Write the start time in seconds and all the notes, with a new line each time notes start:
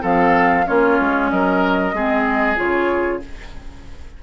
0.00 F3 C4 A4 F5
0.66 A#3 C#4 F4 C#5
0.99 G#3
1.30 F#3 A#4 D#5
1.93 G#3 C4 G#4
2.55 C#3 F4 C#5